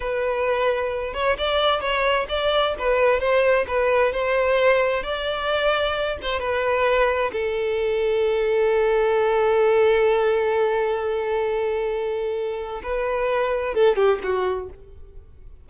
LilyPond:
\new Staff \with { instrumentName = "violin" } { \time 4/4 \tempo 4 = 131 b'2~ b'8 cis''8 d''4 | cis''4 d''4 b'4 c''4 | b'4 c''2 d''4~ | d''4. c''8 b'2 |
a'1~ | a'1~ | a'1 | b'2 a'8 g'8 fis'4 | }